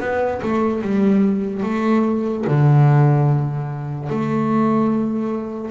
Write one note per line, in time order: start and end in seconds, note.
0.00 0.41 B3
0.42 0.82 A3
0.82 1.63 G3
1.63 2.45 A3
2.47 4.09 D3
4.09 5.71 A3